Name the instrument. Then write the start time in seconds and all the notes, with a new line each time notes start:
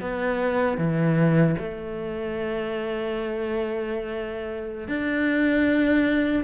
cello
0.00 B3
0.77 E3
1.58 A3
4.88 D4